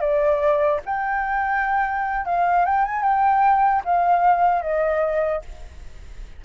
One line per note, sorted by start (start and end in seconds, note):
0.00 0.80 D5
0.85 2.25 G5
2.25 2.65 F5
2.65 2.85 G5
2.85 3.03 G#5
3.03 3.83 G5
3.85 4.62 F5
4.62 5.42 D#5